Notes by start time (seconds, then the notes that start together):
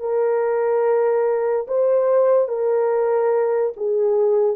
0.00 A#4
1.68 C5
2.48 A#4
3.77 G#4